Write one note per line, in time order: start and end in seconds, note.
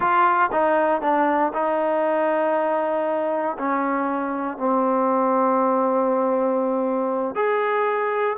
0.00 0.50 F4
0.52 1.01 D#4
1.01 1.52 D4
1.53 3.57 D#4
3.58 4.57 C#4
4.57 7.35 C4
7.35 8.36 G#4